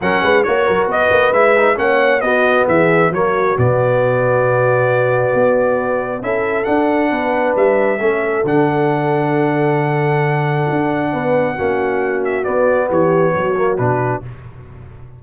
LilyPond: <<
  \new Staff \with { instrumentName = "trumpet" } { \time 4/4 \tempo 4 = 135 fis''4 cis''4 dis''4 e''4 | fis''4 dis''4 e''4 cis''4 | d''1~ | d''2 e''4 fis''4~ |
fis''4 e''2 fis''4~ | fis''1~ | fis''2.~ fis''8 e''8 | d''4 cis''2 b'4 | }
  \new Staff \with { instrumentName = "horn" } { \time 4/4 ais'8 b'8 cis''8 ais'8 b'2 | cis''4 fis'4 gis'4 fis'4~ | fis'1~ | fis'2 a'2 |
b'2 a'2~ | a'1~ | a'4 b'4 fis'2~ | fis'4 g'4 fis'2 | }
  \new Staff \with { instrumentName = "trombone" } { \time 4/4 cis'4 fis'2 e'8 dis'8 | cis'4 b2 ais4 | b1~ | b2 e'4 d'4~ |
d'2 cis'4 d'4~ | d'1~ | d'2 cis'2 | b2~ b8 ais8 d'4 | }
  \new Staff \with { instrumentName = "tuba" } { \time 4/4 fis8 gis8 ais8 fis8 b8 ais8 gis4 | ais4 b4 e4 fis4 | b,1 | b2 cis'4 d'4 |
b4 g4 a4 d4~ | d1 | d'4 b4 ais2 | b4 e4 fis4 b,4 | }
>>